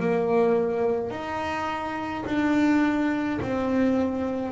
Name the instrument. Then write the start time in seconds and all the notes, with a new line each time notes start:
double bass
0.00 A#3
1.11 D#4
2.26 D4
3.42 C4